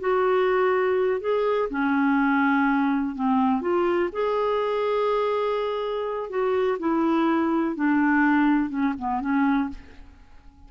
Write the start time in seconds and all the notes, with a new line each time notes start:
0.00 F#4
1.20 G#4
1.70 C#4
3.15 C4
3.61 F4
4.12 G#4
6.30 F#4
6.79 E4
7.75 D4
8.69 C#4
8.98 B3
9.21 C#4